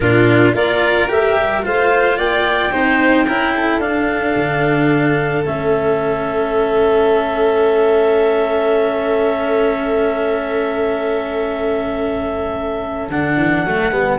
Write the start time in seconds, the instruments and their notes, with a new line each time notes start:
0.00 tuba A#2, cello D4, violin F4, clarinet A#4
0.53 tuba A#3, cello F4, violin A#4, clarinet D5
1.08 tuba A3, cello G4, clarinet E5
1.36 tuba G3
1.62 tuba A3, cello F4, violin C5, clarinet F5
2.17 tuba A#3, violin D5, clarinet G5
2.71 tuba C4, cello D#4, violin C5
3.26 tuba C#4, cello E4, violin A#4
3.55 violin A4
3.79 tuba D4, cello D4, clarinet F5
4.35 tuba D3
5.45 tuba A3, cello C#4, clarinet E5
13.08 tuba D3, cello D4, clarinet F#5
13.36 tuba E3
13.64 tuba F#3, cello A3
13.91 tuba G3, cello B3